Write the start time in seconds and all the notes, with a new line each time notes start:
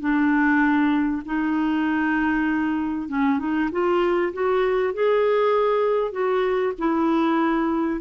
0.00 D4
1.25 D#4
3.08 C#4
3.39 D#4
3.72 F4
4.33 F#4
4.93 G#4
6.11 F#4
6.78 E4